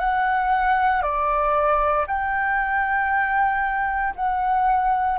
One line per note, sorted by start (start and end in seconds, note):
0.00 1.03 F#5
1.03 2.06 D5
2.07 4.14 G5
4.16 5.19 F#5